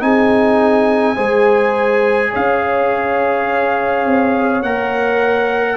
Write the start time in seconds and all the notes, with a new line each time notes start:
0.00 C4 D#4 G#4 G#5
1.15 G#3 G#4 C5
2.31 C#4 C#5 F5
4.05 C4
4.62 A#3 A#4 F#5